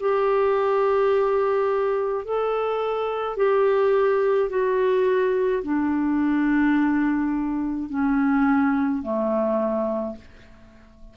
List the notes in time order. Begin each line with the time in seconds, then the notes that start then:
0.00 G4
2.24 A4
3.37 G4
4.49 F#4
5.63 D4
7.89 C#4
9.02 A3